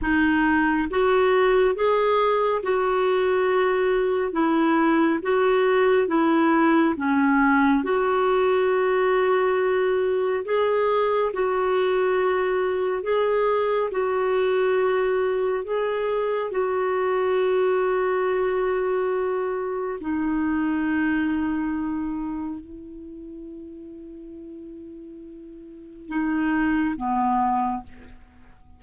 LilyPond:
\new Staff \with { instrumentName = "clarinet" } { \time 4/4 \tempo 4 = 69 dis'4 fis'4 gis'4 fis'4~ | fis'4 e'4 fis'4 e'4 | cis'4 fis'2. | gis'4 fis'2 gis'4 |
fis'2 gis'4 fis'4~ | fis'2. dis'4~ | dis'2 e'2~ | e'2 dis'4 b4 | }